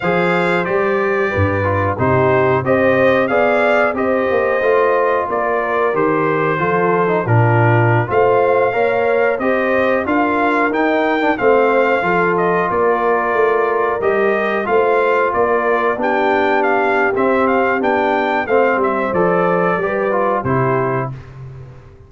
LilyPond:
<<
  \new Staff \with { instrumentName = "trumpet" } { \time 4/4 \tempo 4 = 91 f''4 d''2 c''4 | dis''4 f''4 dis''2 | d''4 c''2 ais'4~ | ais'16 f''2 dis''4 f''8.~ |
f''16 g''4 f''4. dis''8 d''8.~ | d''4~ d''16 dis''4 f''4 d''8.~ | d''16 g''4 f''8. e''8 f''8 g''4 | f''8 e''8 d''2 c''4 | }
  \new Staff \with { instrumentName = "horn" } { \time 4/4 c''2 b'4 g'4 | c''4 d''4 c''2 | ais'2 a'4 f'4~ | f'16 c''4 cis''4 c''4 ais'8.~ |
ais'4~ ais'16 c''4 a'4 ais'8.~ | ais'2~ ais'16 c''4 ais'8.~ | ais'16 g'2.~ g'8. | c''2 b'4 g'4 | }
  \new Staff \with { instrumentName = "trombone" } { \time 4/4 gis'4 g'4. f'8 dis'4 | g'4 gis'4 g'4 f'4~ | f'4 g'4 f'8. dis'16 d'4~ | d'16 f'4 ais'4 g'4 f'8.~ |
f'16 dis'8. d'16 c'4 f'4.~ f'16~ | f'4~ f'16 g'4 f'4.~ f'16~ | f'16 d'4.~ d'16 c'4 d'4 | c'4 a'4 g'8 f'8 e'4 | }
  \new Staff \with { instrumentName = "tuba" } { \time 4/4 f4 g4 g,4 c4 | c'4 b4 c'8 ais8 a4 | ais4 dis4 f4 ais,4~ | ais,16 a4 ais4 c'4 d'8.~ |
d'16 dis'4 a4 f4 ais8.~ | ais16 a4 g4 a4 ais8.~ | ais16 b4.~ b16 c'4 b4 | a8 g8 f4 g4 c4 | }
>>